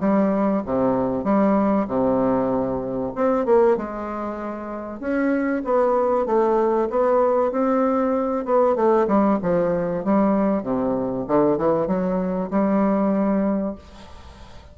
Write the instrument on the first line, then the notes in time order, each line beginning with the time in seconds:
bassoon
0.00 G3
0.66 C3
1.24 G3
1.88 C3
3.15 C4
3.45 A#3
3.77 G#3
5.00 C#4
5.64 B3
6.26 A3
6.90 B3
7.51 C4
8.45 B3
8.76 A3
9.08 G3
9.42 F3
10.05 G3
10.63 C3
11.28 D3
11.58 E3
11.87 F#3
12.50 G3